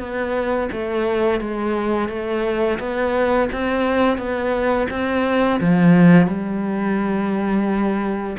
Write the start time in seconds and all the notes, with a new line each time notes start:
0.00 B3
0.73 A3
1.41 G#3
2.09 A3
2.80 B3
3.53 C4
4.18 B3
4.91 C4
5.61 F3
6.28 G3